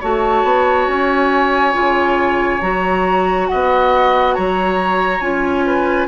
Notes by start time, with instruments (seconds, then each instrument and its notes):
0.00 bassoon A3, clarinet F#4, oboe C#5, flute A5
0.44 bassoon B3
0.88 bassoon C#4, flute G#5
1.73 bassoon C#3, clarinet F4
2.62 bassoon F#3, clarinet F#4, flute A#5
3.47 bassoon B3, oboe D#5, flute F#5
4.34 bassoon F#3, oboe C#5, flute A#5
5.21 bassoon C#4, clarinet F4, flute G#5
5.66 oboe B4